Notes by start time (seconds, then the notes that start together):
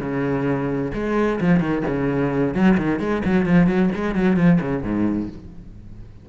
0.00 C#3
0.94 G#3
1.41 F3
1.60 D#3
1.87 C#3
2.54 F#3
2.78 D#3
3.00 G#3
3.25 F#3
3.46 F3
3.67 F#3
3.95 G#3
4.15 F#3
4.37 F3
4.61 C#3
4.83 G#2